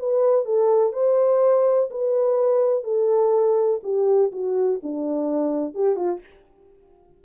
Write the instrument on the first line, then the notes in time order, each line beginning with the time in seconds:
horn
0.00 B4
0.46 A4
0.93 C5
1.91 B4
2.84 A4
3.84 G4
4.32 F#4
4.83 D4
5.75 G4
5.96 F4